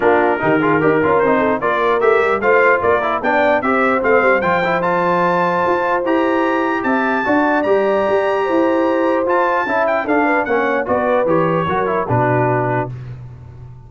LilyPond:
<<
  \new Staff \with { instrumentName = "trumpet" } { \time 4/4 \tempo 4 = 149 ais'2. c''4 | d''4 e''4 f''4 d''4 | g''4 e''4 f''4 g''4 | a''2. ais''4~ |
ais''4 a''2 ais''4~ | ais''2. a''4~ | a''8 g''8 f''4 fis''4 d''4 | cis''2 b'2 | }
  \new Staff \with { instrumentName = "horn" } { \time 4/4 f'4 g'8 gis'8 ais'4. a'8 | ais'2 c''4 ais'4 | d''4 c''2.~ | c''1~ |
c''4 e''4 d''2~ | d''4 c''2. | e''4 a'8 b'8 cis''4 b'4~ | b'4 ais'4 fis'2 | }
  \new Staff \with { instrumentName = "trombone" } { \time 4/4 d'4 dis'8 f'8 g'8 f'8 dis'4 | f'4 g'4 f'4. e'8 | d'4 g'4 c'4 f'8 e'8 | f'2. g'4~ |
g'2 fis'4 g'4~ | g'2. f'4 | e'4 d'4 cis'4 fis'4 | g'4 fis'8 e'8 d'2 | }
  \new Staff \with { instrumentName = "tuba" } { \time 4/4 ais4 dis4 dis'8 cis'8 c'4 | ais4 a8 g8 a4 ais4 | b4 c'4 a8 g8 f4~ | f2 f'4 e'4~ |
e'4 c'4 d'4 g4 | g'4 e'2 f'4 | cis'4 d'4 ais4 b4 | e4 fis4 b,2 | }
>>